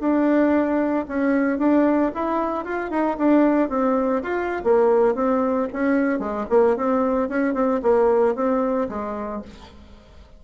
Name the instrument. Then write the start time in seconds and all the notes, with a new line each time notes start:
bassoon
0.00 D4
1.08 C#4
1.59 D4
2.15 E4
2.65 F4
2.91 D#4
3.18 D4
3.70 C4
4.23 F4
4.64 A#3
5.15 C4
5.73 C#4
6.20 G#3
6.50 A#3
6.77 C4
7.29 C#4
7.55 C4
7.83 A#3
8.36 C4
8.89 G#3